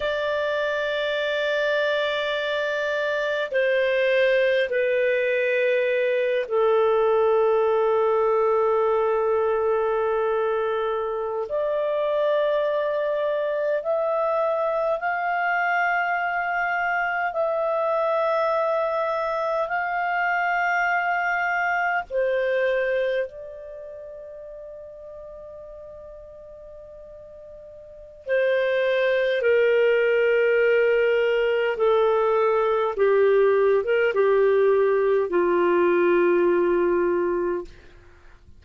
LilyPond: \new Staff \with { instrumentName = "clarinet" } { \time 4/4 \tempo 4 = 51 d''2. c''4 | b'4. a'2~ a'8~ | a'4.~ a'16 d''2 e''16~ | e''8. f''2 e''4~ e''16~ |
e''8. f''2 c''4 d''16~ | d''1 | c''4 ais'2 a'4 | g'8. ais'16 g'4 f'2 | }